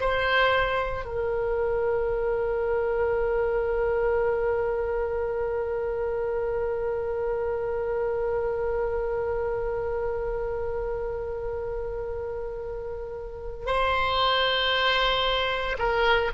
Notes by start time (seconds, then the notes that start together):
0.00 C5
1.05 A#4
13.66 C5
15.78 A#4